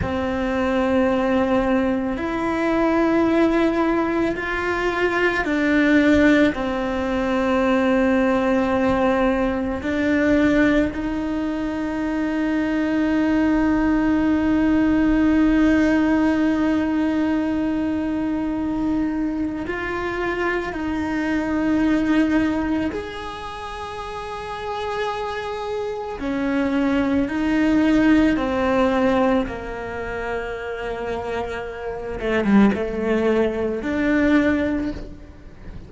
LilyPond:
\new Staff \with { instrumentName = "cello" } { \time 4/4 \tempo 4 = 55 c'2 e'2 | f'4 d'4 c'2~ | c'4 d'4 dis'2~ | dis'1~ |
dis'2 f'4 dis'4~ | dis'4 gis'2. | cis'4 dis'4 c'4 ais4~ | ais4. a16 g16 a4 d'4 | }